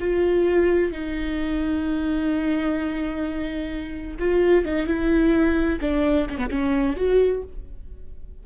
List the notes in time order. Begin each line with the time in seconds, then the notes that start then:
0.00 F4
0.92 D#4
4.20 F4
4.66 D#4
4.87 E4
5.82 D4
6.30 C#4
6.38 B3
6.50 C#4
6.96 F#4